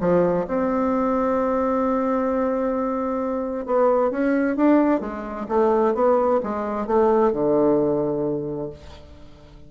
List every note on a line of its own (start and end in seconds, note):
0.00 0.46 F3
0.47 3.65 C4
3.65 4.10 B3
4.10 4.56 C#4
4.56 5.00 D4
5.00 5.46 G#3
5.48 5.94 A3
5.94 6.40 B3
6.43 6.86 G#3
6.86 7.32 A3
7.32 8.69 D3